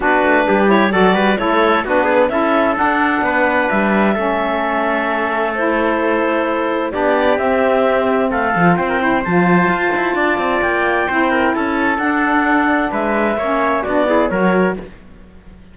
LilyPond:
<<
  \new Staff \with { instrumentName = "clarinet" } { \time 4/4 \tempo 4 = 130 b'4. cis''8 d''4 cis''4 | b'4 e''4 fis''2 | e''1 | c''2. d''4 |
e''2 f''4 g''4 | a''2. g''4~ | g''4 a''4 fis''2 | e''2 d''4 cis''4 | }
  \new Staff \with { instrumentName = "trumpet" } { \time 4/4 fis'4 g'4 a'8 b'8 a'4 | fis'8 gis'8 a'2 b'4~ | b'4 a'2.~ | a'2. g'4~ |
g'2 a'4 c''16 ais'16 c''8~ | c''2 d''2 | c''8 ais'8 a'2. | b'4 cis''4 fis'8 gis'8 ais'4 | }
  \new Staff \with { instrumentName = "saxophone" } { \time 4/4 d'4. e'8 fis'4 e'4 | d'4 e'4 d'2~ | d'4 cis'2. | e'2. d'4 |
c'2~ c'8 f'4 e'8 | f'1 | e'2 d'2~ | d'4 cis'4 d'8 e'8 fis'4 | }
  \new Staff \with { instrumentName = "cello" } { \time 4/4 b8 a8 g4 fis8 g8 a4 | b4 cis'4 d'4 b4 | g4 a2.~ | a2. b4 |
c'2 a8 f8 c'4 | f4 f'8 e'8 d'8 c'8 ais4 | c'4 cis'4 d'2 | gis4 ais4 b4 fis4 | }
>>